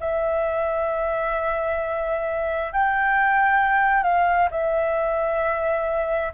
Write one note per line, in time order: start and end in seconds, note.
0.00 2.73 E5
2.73 4.03 G5
4.03 4.49 F5
4.51 6.33 E5